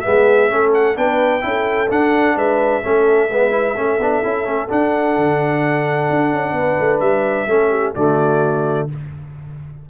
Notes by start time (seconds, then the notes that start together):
0.00 B3 G#4 E5
0.06 G#3
0.49 A3 C#4 A4
0.74 F#5
0.96 B3 D4 B4 G5
1.41 C#4 E4
1.47 A4
1.90 D4 F#5
2.36 G#3 B4 E5
2.83 A3 C#4 A4
3.30 G#3 B3 B4
3.51 E4
3.76 A3 C#4 A4
3.98 B3 D4
4.23 C#4 E4
4.44 A3 C#4
4.69 D4 F#5
5.17 D3
6.10 D4
6.32 C#4
6.52 B3 B4
6.79 A3
7.00 G3 E5
7.47 A3 C#4 A4
7.70 G4
7.95 D3 A3 F#4 D5